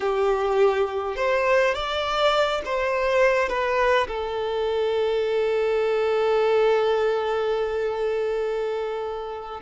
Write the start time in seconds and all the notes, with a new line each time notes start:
0.00 G4
1.16 C5
1.74 D5
2.65 C5
3.48 B4
4.07 A4